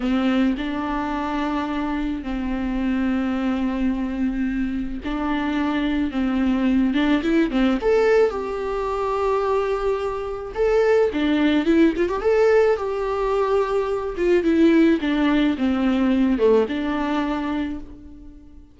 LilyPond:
\new Staff \with { instrumentName = "viola" } { \time 4/4 \tempo 4 = 108 c'4 d'2. | c'1~ | c'4 d'2 c'4~ | c'8 d'8 e'8 c'8 a'4 g'4~ |
g'2. a'4 | d'4 e'8 f'16 g'16 a'4 g'4~ | g'4. f'8 e'4 d'4 | c'4. a8 d'2 | }